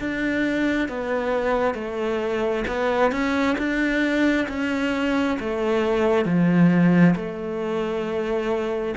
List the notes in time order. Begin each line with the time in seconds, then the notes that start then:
0.00 D4
0.89 B3
1.75 A3
2.68 B3
3.12 C#4
3.58 D4
4.49 C#4
5.40 A3
6.26 F3
7.16 A3